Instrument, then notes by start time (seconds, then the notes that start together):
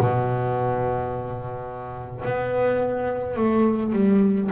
double bass
0.00 B2
2.25 B3
3.37 A3
3.93 G3